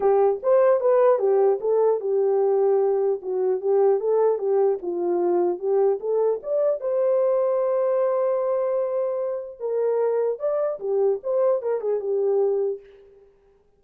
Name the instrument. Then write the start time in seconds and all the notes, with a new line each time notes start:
horn
0.00 G4
0.43 C5
0.80 B4
1.18 G4
1.60 A4
2.00 G4
3.22 F#4
3.60 G4
4.00 A4
4.38 G4
4.81 F4
5.59 G4
6.00 A4
6.43 D5
6.80 C5
9.59 A#4
10.39 D5
10.79 G4
11.23 C5
11.62 A#4
11.80 G#4
12.00 G4